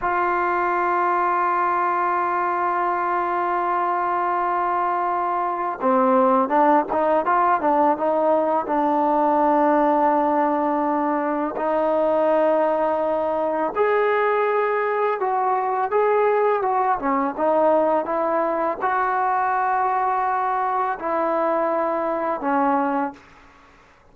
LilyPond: \new Staff \with { instrumentName = "trombone" } { \time 4/4 \tempo 4 = 83 f'1~ | f'1 | c'4 d'8 dis'8 f'8 d'8 dis'4 | d'1 |
dis'2. gis'4~ | gis'4 fis'4 gis'4 fis'8 cis'8 | dis'4 e'4 fis'2~ | fis'4 e'2 cis'4 | }